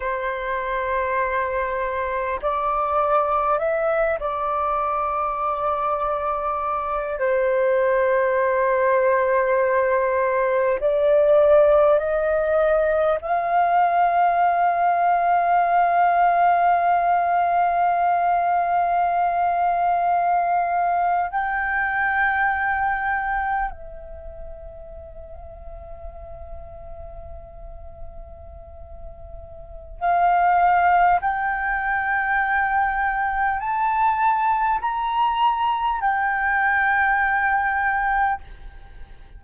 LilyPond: \new Staff \with { instrumentName = "flute" } { \time 4/4 \tempo 4 = 50 c''2 d''4 e''8 d''8~ | d''2 c''2~ | c''4 d''4 dis''4 f''4~ | f''1~ |
f''4.~ f''16 g''2 e''16~ | e''1~ | e''4 f''4 g''2 | a''4 ais''4 g''2 | }